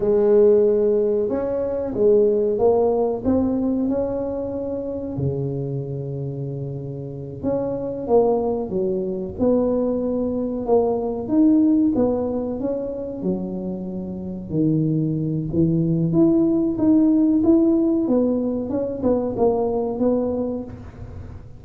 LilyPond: \new Staff \with { instrumentName = "tuba" } { \time 4/4 \tempo 4 = 93 gis2 cis'4 gis4 | ais4 c'4 cis'2 | cis2.~ cis8 cis'8~ | cis'8 ais4 fis4 b4.~ |
b8 ais4 dis'4 b4 cis'8~ | cis'8 fis2 dis4. | e4 e'4 dis'4 e'4 | b4 cis'8 b8 ais4 b4 | }